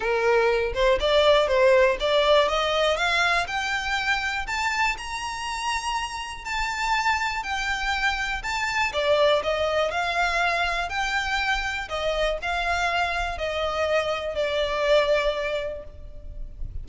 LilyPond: \new Staff \with { instrumentName = "violin" } { \time 4/4 \tempo 4 = 121 ais'4. c''8 d''4 c''4 | d''4 dis''4 f''4 g''4~ | g''4 a''4 ais''2~ | ais''4 a''2 g''4~ |
g''4 a''4 d''4 dis''4 | f''2 g''2 | dis''4 f''2 dis''4~ | dis''4 d''2. | }